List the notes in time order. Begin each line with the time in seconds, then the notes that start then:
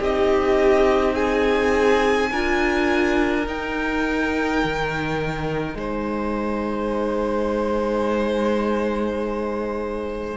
0.00 C4 D#4 G4 D#5
1.15 G#4 G#5
2.31 D4 F4 A#4
3.45 D#4 G5
4.64 D#3
5.75 G#3 C5 G#5